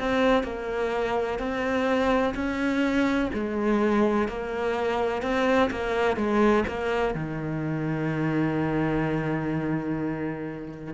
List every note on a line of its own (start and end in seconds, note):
0.00 0.44 C4
0.44 1.39 A#3
1.39 2.35 C4
2.35 3.30 C#4
3.34 4.29 G#3
4.29 5.23 A#3
5.23 5.70 C4
5.71 6.17 A#3
6.17 6.65 G#3
6.68 7.15 A#3
7.15 10.94 D#3